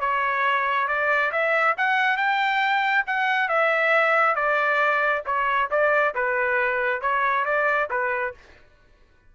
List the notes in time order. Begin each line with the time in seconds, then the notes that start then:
0.00 C#5
0.88 D5
1.32 E5
1.77 F#5
2.17 G5
3.07 F#5
3.49 E5
4.35 D5
5.26 C#5
5.70 D5
6.14 B4
7.01 C#5
7.45 D5
7.90 B4